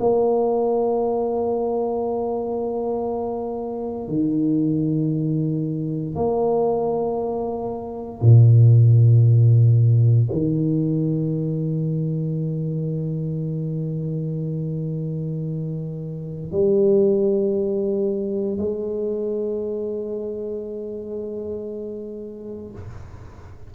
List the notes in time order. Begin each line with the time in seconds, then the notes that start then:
0.00 A#3
4.08 D#3
6.15 A#3
8.21 A#2
10.32 D#3
16.51 G3
18.58 G#3